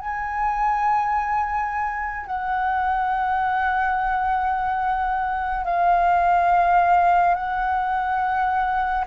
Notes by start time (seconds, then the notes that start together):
0.00 G#5
2.26 F#5
5.65 F5
7.35 F#5